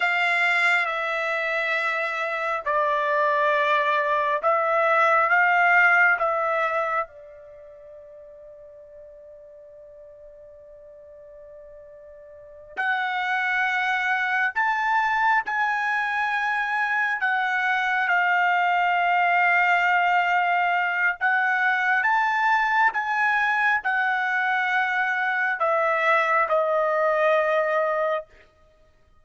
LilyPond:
\new Staff \with { instrumentName = "trumpet" } { \time 4/4 \tempo 4 = 68 f''4 e''2 d''4~ | d''4 e''4 f''4 e''4 | d''1~ | d''2~ d''8 fis''4.~ |
fis''8 a''4 gis''2 fis''8~ | fis''8 f''2.~ f''8 | fis''4 a''4 gis''4 fis''4~ | fis''4 e''4 dis''2 | }